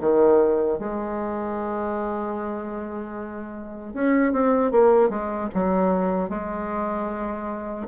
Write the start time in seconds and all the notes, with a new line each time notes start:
0.00 D#3
0.79 G#3
3.94 C#4
4.32 C4
4.72 A#3
5.10 G#3
5.54 F#3
6.29 G#3